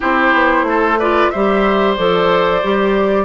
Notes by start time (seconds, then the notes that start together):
0.00 C4 E4 G4 C5
0.33 B3
0.62 A3
0.68 A4
0.99 F4 B4 D5
1.30 G3 G4 C5 E5
1.96 F3 A4 D5
2.62 G3 G4